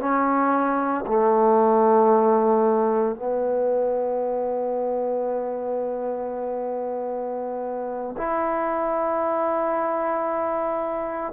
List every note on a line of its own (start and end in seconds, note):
0.00 1.05 C#4
1.07 3.16 A3
3.16 8.16 B3
8.17 11.33 E4